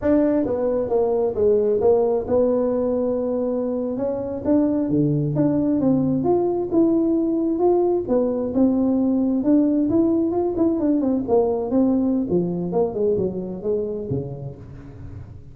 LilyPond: \new Staff \with { instrumentName = "tuba" } { \time 4/4 \tempo 4 = 132 d'4 b4 ais4 gis4 | ais4 b2.~ | b8. cis'4 d'4 d4 d'16~ | d'8. c'4 f'4 e'4~ e'16~ |
e'8. f'4 b4 c'4~ c'16~ | c'8. d'4 e'4 f'8 e'8 d'16~ | d'16 c'8 ais4 c'4~ c'16 f4 | ais8 gis8 fis4 gis4 cis4 | }